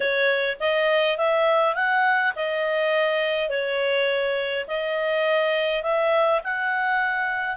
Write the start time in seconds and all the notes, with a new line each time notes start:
0.00 C#5
0.60 D#5
1.17 E5
1.75 F#5
2.35 D#5
3.49 C#5
4.67 D#5
5.82 E5
6.44 F#5